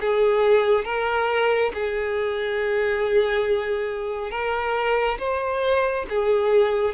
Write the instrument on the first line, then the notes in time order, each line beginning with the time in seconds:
violin
0.00 G#4
0.85 A#4
1.74 G#4
4.31 A#4
5.19 C5
6.09 G#4